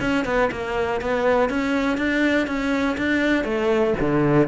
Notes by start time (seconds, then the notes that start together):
0.00 C#4
0.25 B3
0.51 A#3
1.01 B3
1.49 C#4
1.97 D4
2.47 C#4
2.97 D4
3.44 A3
4.00 D3